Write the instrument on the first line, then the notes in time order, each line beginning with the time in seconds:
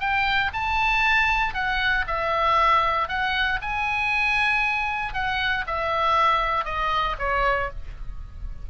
oboe
0.00 G5
0.53 A5
1.54 F#5
2.07 E5
3.08 F#5
3.61 G#5
5.14 F#5
5.67 E5
6.64 D#5
7.18 C#5